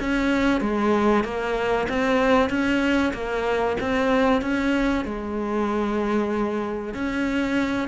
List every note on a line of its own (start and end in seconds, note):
0.00 0.61 C#4
0.61 1.24 G#3
1.24 1.87 A#3
1.89 2.49 C4
2.49 3.13 C#4
3.14 3.77 A#3
3.80 4.42 C4
4.42 5.05 C#4
5.05 6.94 G#3
6.94 7.88 C#4